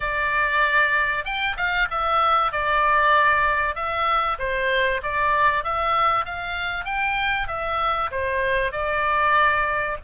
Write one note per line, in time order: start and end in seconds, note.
0.00 1.24 D5
1.24 1.56 G5
1.57 1.88 F5
1.90 2.51 E5
2.51 3.75 D5
3.75 4.38 E5
4.38 5.01 C5
5.02 5.64 D5
5.64 6.25 E5
6.25 6.84 F5
6.84 7.47 G5
7.47 8.10 E5
8.11 8.72 C5
8.72 9.97 D5